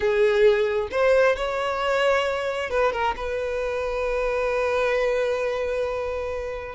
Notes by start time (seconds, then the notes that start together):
0.00 G#4
0.91 C5
1.35 C#5
2.70 B4
2.92 A#4
3.16 B4